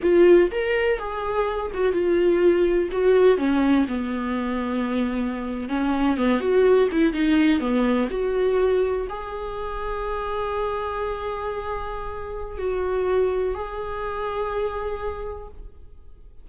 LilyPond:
\new Staff \with { instrumentName = "viola" } { \time 4/4 \tempo 4 = 124 f'4 ais'4 gis'4. fis'8 | f'2 fis'4 cis'4 | b2.~ b8. cis'16~ | cis'8. b8 fis'4 e'8 dis'4 b16~ |
b8. fis'2 gis'4~ gis'16~ | gis'1~ | gis'2 fis'2 | gis'1 | }